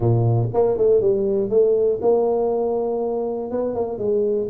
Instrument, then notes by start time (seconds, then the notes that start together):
tuba
0.00 A#2
0.53 A#3
0.77 A3
1.00 G3
1.49 A3
2.01 A#3
3.51 B3
3.75 A#3
3.98 G#3